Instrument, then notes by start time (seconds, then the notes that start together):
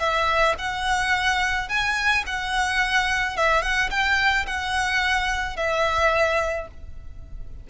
violin
0.00 E5
0.59 F#5
1.69 G#5
2.27 F#5
3.37 E5
3.62 F#5
3.91 G5
4.47 F#5
5.57 E5